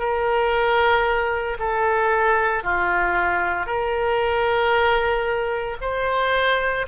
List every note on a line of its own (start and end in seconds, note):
0.00 1.58 A#4
1.60 2.64 A4
2.64 3.67 F4
3.67 5.78 A#4
5.81 6.87 C5